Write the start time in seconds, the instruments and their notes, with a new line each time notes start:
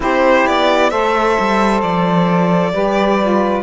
0.00 cello C4, saxophone E4 G4, violin C5
0.46 cello B3, violin D5
0.89 cello A3, saxophone A4 C5, violin E5
1.39 cello G3
1.81 cello F3, violin D5
2.72 cello G3, saxophone G4 B4
3.21 saxophone F4